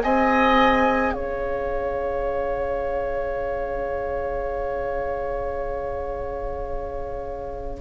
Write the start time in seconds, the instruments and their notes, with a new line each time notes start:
0.00 bassoon C4, clarinet G#4, oboe D#5, flute G#5
1.12 bassoon C#4, oboe C#5, flute F5